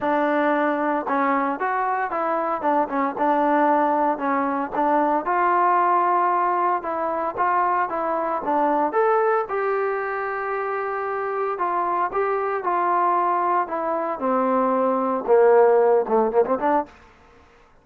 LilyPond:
\new Staff \with { instrumentName = "trombone" } { \time 4/4 \tempo 4 = 114 d'2 cis'4 fis'4 | e'4 d'8 cis'8 d'2 | cis'4 d'4 f'2~ | f'4 e'4 f'4 e'4 |
d'4 a'4 g'2~ | g'2 f'4 g'4 | f'2 e'4 c'4~ | c'4 ais4. a8 ais16 c'16 d'8 | }